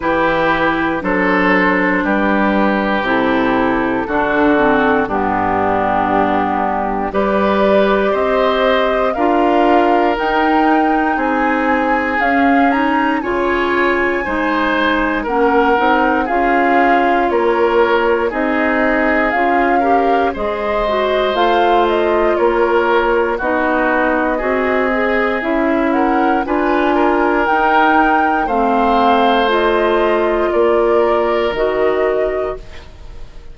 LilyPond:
<<
  \new Staff \with { instrumentName = "flute" } { \time 4/4 \tempo 4 = 59 b'4 c''4 b'4 a'4~ | a'4 g'2 d''4 | dis''4 f''4 g''4 gis''4 | f''8 ais''8 gis''2 fis''4 |
f''4 cis''4 dis''4 f''4 | dis''4 f''8 dis''8 cis''4 dis''4~ | dis''4 e''8 fis''8 gis''4 g''4 | f''4 dis''4 d''4 dis''4 | }
  \new Staff \with { instrumentName = "oboe" } { \time 4/4 g'4 a'4 g'2 | fis'4 d'2 b'4 | c''4 ais'2 gis'4~ | gis'4 cis''4 c''4 ais'4 |
gis'4 ais'4 gis'4. ais'8 | c''2 ais'4 fis'4 | gis'4. ais'8 b'8 ais'4. | c''2 ais'2 | }
  \new Staff \with { instrumentName = "clarinet" } { \time 4/4 e'4 d'2 e'4 | d'8 c'8 b2 g'4~ | g'4 f'4 dis'2 | cis'8 dis'8 f'4 dis'4 cis'8 dis'8 |
f'2 dis'4 f'8 g'8 | gis'8 fis'8 f'2 dis'4 | fis'8 gis'8 e'4 f'4 dis'4 | c'4 f'2 fis'4 | }
  \new Staff \with { instrumentName = "bassoon" } { \time 4/4 e4 fis4 g4 c4 | d4 g,2 g4 | c'4 d'4 dis'4 c'4 | cis'4 cis4 gis4 ais8 c'8 |
cis'4 ais4 c'4 cis'4 | gis4 a4 ais4 b4 | c'4 cis'4 d'4 dis'4 | a2 ais4 dis4 | }
>>